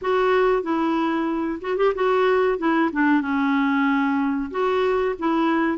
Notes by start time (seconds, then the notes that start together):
0.01 F#4
0.62 E4
1.61 F#4
1.77 G4
1.94 F#4
2.58 E4
2.92 D4
3.21 C#4
4.50 F#4
5.18 E4